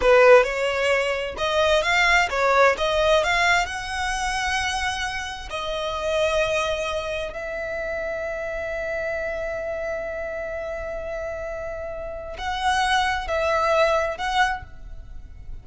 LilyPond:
\new Staff \with { instrumentName = "violin" } { \time 4/4 \tempo 4 = 131 b'4 cis''2 dis''4 | f''4 cis''4 dis''4 f''4 | fis''1 | dis''1 |
e''1~ | e''1~ | e''2. fis''4~ | fis''4 e''2 fis''4 | }